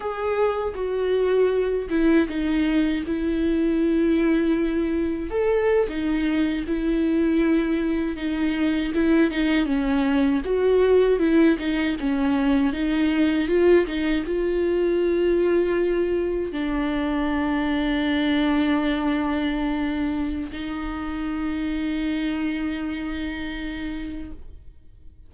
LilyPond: \new Staff \with { instrumentName = "viola" } { \time 4/4 \tempo 4 = 79 gis'4 fis'4. e'8 dis'4 | e'2. a'8. dis'16~ | dis'8. e'2 dis'4 e'16~ | e'16 dis'8 cis'4 fis'4 e'8 dis'8 cis'16~ |
cis'8. dis'4 f'8 dis'8 f'4~ f'16~ | f'4.~ f'16 d'2~ d'16~ | d'2. dis'4~ | dis'1 | }